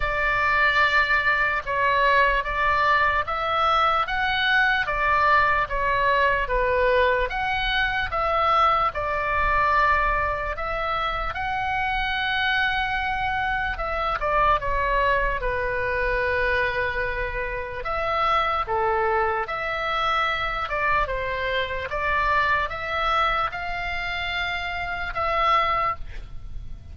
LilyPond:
\new Staff \with { instrumentName = "oboe" } { \time 4/4 \tempo 4 = 74 d''2 cis''4 d''4 | e''4 fis''4 d''4 cis''4 | b'4 fis''4 e''4 d''4~ | d''4 e''4 fis''2~ |
fis''4 e''8 d''8 cis''4 b'4~ | b'2 e''4 a'4 | e''4. d''8 c''4 d''4 | e''4 f''2 e''4 | }